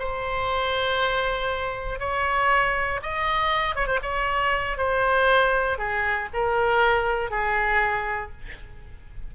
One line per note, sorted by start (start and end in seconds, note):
0.00 2.00 C5
2.00 3.01 C#5
3.03 3.76 D#5
3.76 3.87 C#5
3.87 4.00 C5
4.03 4.78 C#5
4.78 5.78 C5
5.78 6.29 G#4
6.34 7.31 A#4
7.31 8.32 G#4